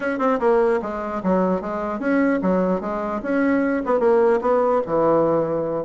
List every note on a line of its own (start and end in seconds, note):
0.00 0.18 C#4
0.18 0.39 C4
0.39 0.79 A#3
0.81 1.22 G#3
1.23 1.61 F#3
1.61 1.99 G#3
1.99 2.39 C#4
2.42 2.81 F#3
2.81 3.21 G#3
3.22 3.82 C#4
3.85 3.99 B3
3.99 4.40 A#3
4.41 4.81 B3
4.86 5.84 E3